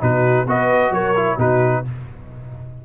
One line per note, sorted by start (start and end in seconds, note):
0.00 0.46 B2
0.00 0.46 D#4
0.00 0.47 F#4
0.00 0.48 B4
0.46 0.90 B3
0.46 1.15 F#4
0.46 0.92 B4
0.46 0.93 D#5
0.90 1.36 F#3
0.90 1.38 A#4
0.90 1.39 C#5
1.15 1.38 E4
1.37 1.83 B2
1.37 1.84 D#4
1.37 1.83 F#4
1.37 1.85 B4